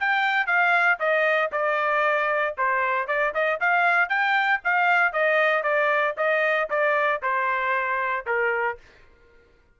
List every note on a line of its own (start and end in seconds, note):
0.00 0.47 G5
0.47 0.99 F5
0.99 1.51 D#5
1.52 2.56 D5
2.57 3.08 C5
3.08 3.33 D5
3.34 3.60 D#5
3.60 4.09 F5
4.09 4.61 G5
4.64 5.13 F5
5.13 5.63 D#5
5.63 6.15 D5
6.17 6.69 D#5
6.70 7.22 D5
7.22 8.26 C5
8.26 8.78 A#4